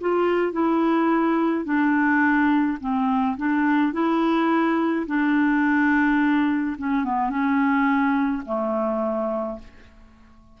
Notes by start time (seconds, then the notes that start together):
0.00 F4
0.52 E4
1.64 D4
2.80 C4
3.37 D4
3.93 E4
5.06 D4
6.78 C#4
7.04 B3
7.29 C#4
8.45 A3